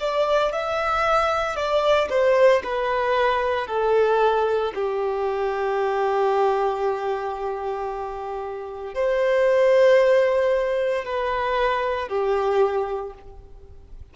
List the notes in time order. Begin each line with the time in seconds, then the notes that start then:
0.00 D5
0.52 E5
1.56 D5
2.10 C5
2.64 B4
3.67 A4
4.75 G4
8.94 C5
11.05 B4
12.08 G4